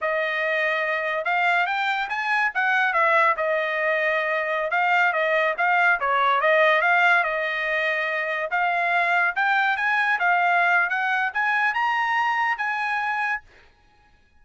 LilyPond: \new Staff \with { instrumentName = "trumpet" } { \time 4/4 \tempo 4 = 143 dis''2. f''4 | g''4 gis''4 fis''4 e''4 | dis''2.~ dis''16 f''8.~ | f''16 dis''4 f''4 cis''4 dis''8.~ |
dis''16 f''4 dis''2~ dis''8.~ | dis''16 f''2 g''4 gis''8.~ | gis''16 f''4.~ f''16 fis''4 gis''4 | ais''2 gis''2 | }